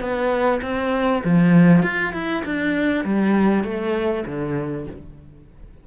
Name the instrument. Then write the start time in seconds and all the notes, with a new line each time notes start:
cello
0.00 B3
0.62 C4
1.24 F3
1.82 F4
2.13 E4
2.45 D4
3.04 G3
3.63 A3
4.26 D3